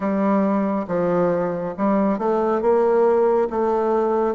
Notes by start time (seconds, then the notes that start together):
0.00 G3
0.87 F3
1.77 G3
2.18 A3
2.61 A#3
3.49 A3